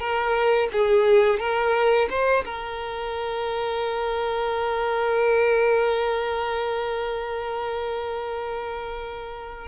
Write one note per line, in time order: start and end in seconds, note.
0.00 0.69 A#4
0.72 1.39 G#4
1.39 2.08 A#4
2.10 2.45 C5
2.45 9.68 A#4